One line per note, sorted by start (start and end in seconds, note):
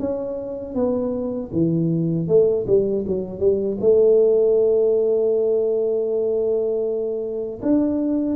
0.00 0.75 C#4
0.75 1.51 B3
1.53 2.28 E3
2.28 2.66 A3
2.68 3.06 G3
3.07 3.40 F#3
3.40 3.78 G3
3.81 7.61 A3
7.63 8.37 D4